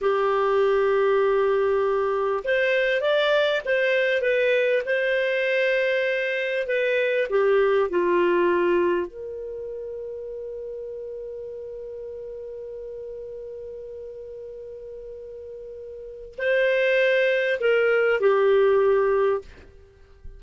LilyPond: \new Staff \with { instrumentName = "clarinet" } { \time 4/4 \tempo 4 = 99 g'1 | c''4 d''4 c''4 b'4 | c''2. b'4 | g'4 f'2 ais'4~ |
ais'1~ | ais'1~ | ais'2. c''4~ | c''4 ais'4 g'2 | }